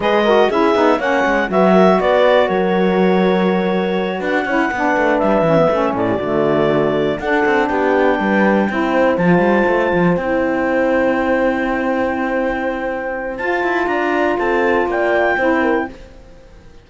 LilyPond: <<
  \new Staff \with { instrumentName = "clarinet" } { \time 4/4 \tempo 4 = 121 dis''4 e''4 fis''4 e''4 | d''4 cis''2.~ | cis''8 fis''2 e''4. | d''2~ d''8 fis''4 g''8~ |
g''2~ g''8 a''4.~ | a''8 g''2.~ g''8~ | g''2. a''4 | ais''4 a''4 g''2 | }
  \new Staff \with { instrumentName = "horn" } { \time 4/4 b'8 ais'8 gis'4 cis''4 b'8 ais'8 | b'4 ais'2.~ | ais'8 b'8 cis''8 b'2~ b'8 | a'16 g'16 fis'2 a'4 g'8~ |
g'8 b'4 c''2~ c''8~ | c''1~ | c''1 | d''4 a'4 d''4 c''8 ais'8 | }
  \new Staff \with { instrumentName = "saxophone" } { \time 4/4 gis'8 fis'8 e'8 dis'8 cis'4 fis'4~ | fis'1~ | fis'4 e'8 d'4. cis'16 b16 cis'8~ | cis'8 a2 d'4.~ |
d'4. e'4 f'4.~ | f'8 e'2.~ e'8~ | e'2. f'4~ | f'2. e'4 | }
  \new Staff \with { instrumentName = "cello" } { \time 4/4 gis4 cis'8 b8 ais8 gis8 fis4 | b4 fis2.~ | fis8 d'8 cis'8 b8 a8 g8 e8 a8 | a,8 d2 d'8 c'8 b8~ |
b8 g4 c'4 f8 g8 a8 | f8 c'2.~ c'8~ | c'2. f'8 e'8 | d'4 c'4 ais4 c'4 | }
>>